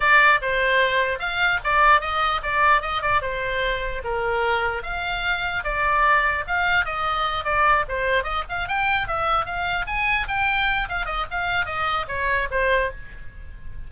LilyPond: \new Staff \with { instrumentName = "oboe" } { \time 4/4 \tempo 4 = 149 d''4 c''2 f''4 | d''4 dis''4 d''4 dis''8 d''8 | c''2 ais'2 | f''2 d''2 |
f''4 dis''4. d''4 c''8~ | c''8 dis''8 f''8 g''4 e''4 f''8~ | f''8 gis''4 g''4. f''8 dis''8 | f''4 dis''4 cis''4 c''4 | }